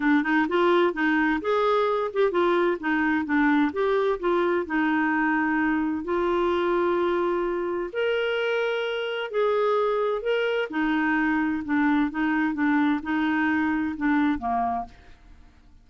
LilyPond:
\new Staff \with { instrumentName = "clarinet" } { \time 4/4 \tempo 4 = 129 d'8 dis'8 f'4 dis'4 gis'4~ | gis'8 g'8 f'4 dis'4 d'4 | g'4 f'4 dis'2~ | dis'4 f'2.~ |
f'4 ais'2. | gis'2 ais'4 dis'4~ | dis'4 d'4 dis'4 d'4 | dis'2 d'4 ais4 | }